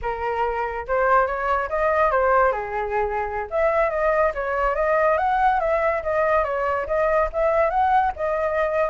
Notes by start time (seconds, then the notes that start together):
0.02 A#4
0.87 C5
1.26 C#5
1.69 D#5
2.11 C5
2.52 G#4
3.50 E5
3.90 D#5
4.34 C#5
4.75 D#5
5.17 F#5
5.60 E5
6.02 D#5
6.44 C#5
6.87 D#5
7.32 E5
7.69 F#5
8.16 D#5